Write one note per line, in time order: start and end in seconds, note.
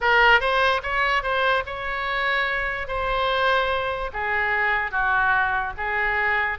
0.00 0.40 A#4
0.40 0.81 C5
0.82 1.22 C#5
1.22 1.63 C5
1.66 2.87 C#5
2.87 4.10 C5
4.13 4.91 G#4
4.91 5.73 F#4
5.77 6.58 G#4